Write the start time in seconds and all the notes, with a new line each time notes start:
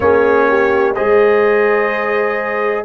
0.00 A#3 C#4 G#4 C#5
0.49 G4
0.94 G#3 G#4 C5 D#5